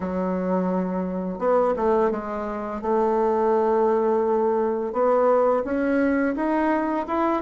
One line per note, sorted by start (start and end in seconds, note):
0.00 1.38 F#3
1.38 1.74 B3
1.76 2.10 A3
2.10 2.81 G#3
2.81 4.92 A3
4.92 5.63 B3
5.64 6.35 C#4
6.35 7.06 D#4
7.07 7.41 E4